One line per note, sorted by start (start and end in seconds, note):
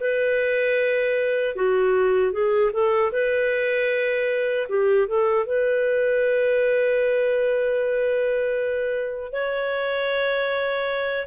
0.00 1.55 B4
1.55 2.32 F#4
2.32 2.71 G#4
2.72 3.11 A4
3.12 4.68 B4
4.69 5.08 G4
5.08 5.46 A4
5.46 9.32 B4
9.32 11.27 C#5